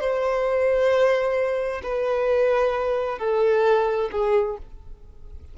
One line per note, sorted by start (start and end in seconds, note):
0.00 1.82 C5
1.83 3.19 B4
3.19 4.10 A4
4.12 4.57 G#4